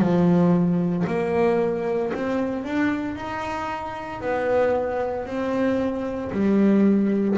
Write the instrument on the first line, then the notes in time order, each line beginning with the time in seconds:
double bass
0.00 F3
1.08 A#3
2.14 C4
2.64 D4
3.16 D#4
4.22 B3
5.26 C4
6.32 G3